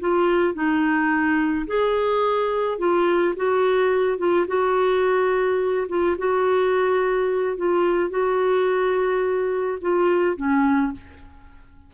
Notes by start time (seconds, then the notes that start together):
0.00 F4
0.54 D#4
1.67 G#4
2.78 F4
3.36 F#4
4.18 F4
4.47 F#4
5.88 F4
6.18 F#4
7.56 F4
8.10 F#4
9.81 F4
10.36 C#4